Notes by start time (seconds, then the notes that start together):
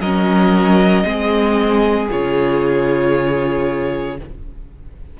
0.00 F#3 C#4 A#4 D#5
1.04 G#3 C4 G#4
2.11 C#3 F4 C#5